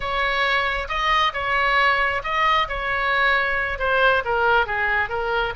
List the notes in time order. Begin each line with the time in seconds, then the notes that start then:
0.00 C#5
0.88 D#5
1.33 C#5
2.23 D#5
2.68 C#5
3.79 C5
4.24 A#4
4.66 G#4
5.09 A#4